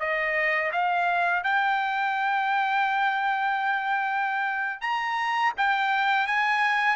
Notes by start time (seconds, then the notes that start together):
0.00 D#5
0.72 F5
1.43 G5
4.81 A#5
5.57 G5
6.27 G#5